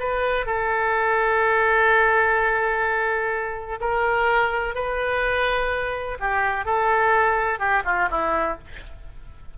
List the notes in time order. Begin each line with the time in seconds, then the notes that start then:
0.00 B4
0.47 A4
3.81 A#4
4.76 B4
6.20 G4
6.66 A4
7.60 G4
7.85 F4
8.11 E4